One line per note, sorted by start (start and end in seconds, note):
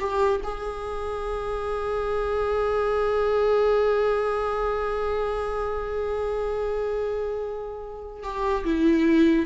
0.00 0.41 G4
0.44 8.23 G#4
8.23 8.65 G4
8.65 9.46 E4